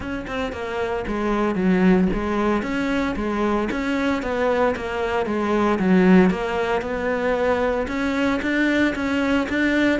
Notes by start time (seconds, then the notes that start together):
0.00 C#4
0.27 C4
0.52 A#3
1.07 G#3
1.55 F#3
2.13 G#3
2.62 C#4
3.16 G#3
3.71 C#4
4.22 B3
4.76 A#3
5.26 G#3
5.79 F#3
6.30 A#3
6.81 B3
7.87 C#4
8.41 D4
8.95 C#4
9.49 D4